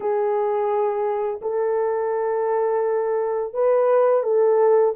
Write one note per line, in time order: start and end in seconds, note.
0.00 1.40 G#4
1.41 3.53 A4
3.53 4.23 B4
4.23 4.93 A4